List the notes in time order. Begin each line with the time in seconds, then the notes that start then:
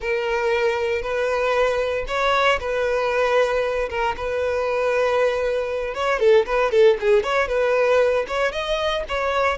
0.00 A#4
1.02 B4
2.07 C#5
2.60 B4
3.89 A#4
4.16 B4
5.94 C#5
6.19 A4
6.45 B4
6.71 A4
7.00 G#4
7.23 C#5
7.48 B4
8.27 C#5
8.52 D#5
9.08 C#5